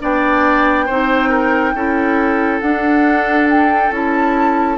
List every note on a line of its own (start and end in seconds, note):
0.00 0.89 B3
0.00 0.87 D4
0.00 0.86 D5
0.00 2.61 G5
0.86 1.74 C4
0.86 1.76 D#4
0.86 1.29 C5
1.29 1.73 A#4
1.74 2.61 C#4
1.74 2.61 E4
1.74 4.78 A4
2.61 3.92 D4
2.61 3.91 D4
2.61 3.47 F#5
3.49 3.93 G5
3.91 4.78 C#4
3.91 4.78 E4
3.91 4.78 A5